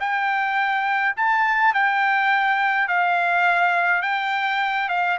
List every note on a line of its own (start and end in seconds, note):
0.00 1.15 G5
1.17 1.74 A5
1.74 2.88 G5
2.88 4.02 F5
4.02 4.89 G5
4.89 5.18 F5